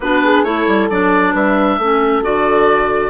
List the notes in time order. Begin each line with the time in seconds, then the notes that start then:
0.00 B3 D4 F#4 B4
0.24 G#4
0.43 A3 E4 A4 C#5
0.67 G3
0.90 F#3 D4 D5
1.33 G3 B4 E5
1.78 A3 C#4 A4
2.22 D3 F#4 D5